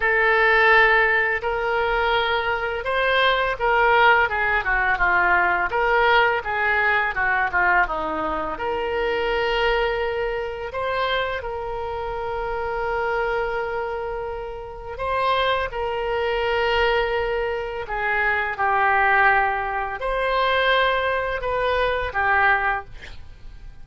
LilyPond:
\new Staff \with { instrumentName = "oboe" } { \time 4/4 \tempo 4 = 84 a'2 ais'2 | c''4 ais'4 gis'8 fis'8 f'4 | ais'4 gis'4 fis'8 f'8 dis'4 | ais'2. c''4 |
ais'1~ | ais'4 c''4 ais'2~ | ais'4 gis'4 g'2 | c''2 b'4 g'4 | }